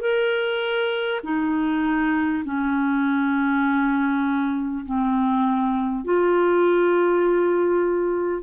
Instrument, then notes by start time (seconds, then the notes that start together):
clarinet
0.00 A#4
1.23 D#4
2.45 C#4
4.85 C4
6.04 F4